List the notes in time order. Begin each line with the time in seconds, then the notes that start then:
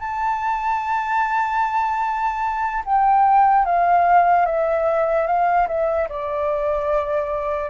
0.00 A5
2.86 G5
3.66 F5
4.46 E5
5.27 F5
5.68 E5
6.09 D5